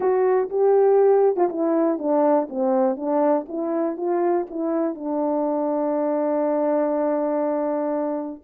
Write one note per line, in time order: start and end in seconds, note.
0.00 0.49 F#4
0.49 1.36 G4
1.36 1.48 F4
1.49 1.98 E4
1.98 2.48 D4
2.49 2.96 C4
2.96 3.46 D4
3.48 3.96 E4
3.96 4.46 F4
4.50 4.95 E4
4.95 8.42 D4